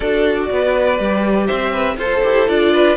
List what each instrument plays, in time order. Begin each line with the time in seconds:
0.00 cello D4, viola F#4, violin A4 D5
0.50 cello B3, violin B4
0.97 cello G3, viola G4
1.46 cello C4, violin C5 E5
1.72 violin B4
1.96 cello F4, violin A4 C5, viola A4
2.22 cello E4, viola G4
2.48 cello D4, viola F4, violin D5
2.73 violin B4